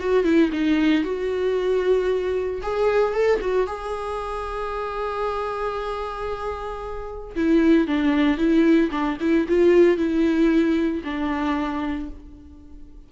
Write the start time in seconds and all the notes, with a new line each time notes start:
0.00 F#4
0.24 E4
0.53 D#4
1.04 F#4
2.62 G#4
3.14 A4
3.41 F#4
3.67 G#4
7.36 E4
7.87 D4
8.38 E4
8.92 D4
9.21 E4
9.49 F4
9.97 E4
11.04 D4